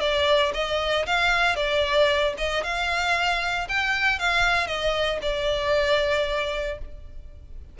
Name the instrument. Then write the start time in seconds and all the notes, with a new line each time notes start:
violin
0.00 D5
0.53 D#5
1.06 F5
1.56 D5
2.38 D#5
2.63 F5
3.68 G5
4.19 F5
4.67 D#5
5.22 D5